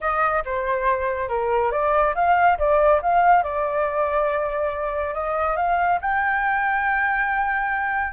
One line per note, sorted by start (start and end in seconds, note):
0.01 0.43 D#5
0.45 1.28 C5
1.28 1.71 A#4
1.71 2.14 D5
2.14 2.57 F5
2.58 3.01 D5
3.02 3.43 F5
3.43 5.14 D5
5.14 5.56 D#5
5.56 5.99 F5
6.01 8.12 G5